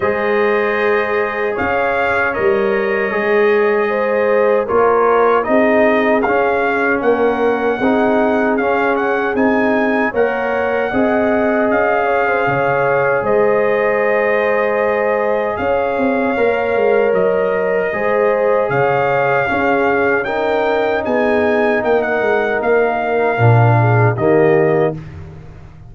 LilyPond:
<<
  \new Staff \with { instrumentName = "trumpet" } { \time 4/4 \tempo 4 = 77 dis''2 f''4 dis''4~ | dis''2 cis''4 dis''4 | f''4 fis''2 f''8 fis''8 | gis''4 fis''2 f''4~ |
f''4 dis''2. | f''2 dis''2 | f''2 g''4 gis''4 | g''16 fis''8. f''2 dis''4 | }
  \new Staff \with { instrumentName = "horn" } { \time 4/4 c''2 cis''2~ | cis''4 c''4 ais'4 gis'4~ | gis'4 ais'4 gis'2~ | gis'4 cis''4 dis''4. cis''16 c''16 |
cis''4 c''2. | cis''2. c''4 | cis''4 gis'4 ais'4 gis'4 | ais'2~ ais'8 gis'8 g'4 | }
  \new Staff \with { instrumentName = "trombone" } { \time 4/4 gis'2. ais'4 | gis'2 f'4 dis'4 | cis'2 dis'4 cis'4 | dis'4 ais'4 gis'2~ |
gis'1~ | gis'4 ais'2 gis'4~ | gis'4 cis'4 dis'2~ | dis'2 d'4 ais4 | }
  \new Staff \with { instrumentName = "tuba" } { \time 4/4 gis2 cis'4 g4 | gis2 ais4 c'4 | cis'4 ais4 c'4 cis'4 | c'4 ais4 c'4 cis'4 |
cis4 gis2. | cis'8 c'8 ais8 gis8 fis4 gis4 | cis4 cis'2 b4 | ais8 gis8 ais4 ais,4 dis4 | }
>>